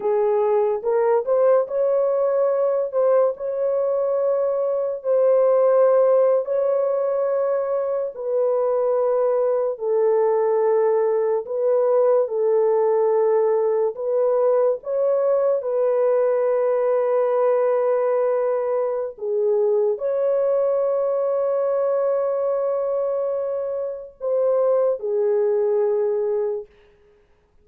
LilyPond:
\new Staff \with { instrumentName = "horn" } { \time 4/4 \tempo 4 = 72 gis'4 ais'8 c''8 cis''4. c''8 | cis''2 c''4.~ c''16 cis''16~ | cis''4.~ cis''16 b'2 a'16~ | a'4.~ a'16 b'4 a'4~ a'16~ |
a'8. b'4 cis''4 b'4~ b'16~ | b'2. gis'4 | cis''1~ | cis''4 c''4 gis'2 | }